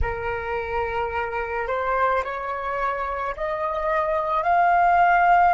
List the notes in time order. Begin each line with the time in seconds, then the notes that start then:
0.02 A#4
1.67 C5
2.24 C#5
3.36 D#5
4.43 F5